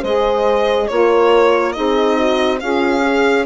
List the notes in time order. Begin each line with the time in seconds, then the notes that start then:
0.00 G#3 G#4 C5 D#5
0.87 A#3 F4 A#4 C#5
1.72 C4 D#4 G#4 D#5
2.16 F#4
2.60 C#4 F4 G#4 F5
3.01 G#4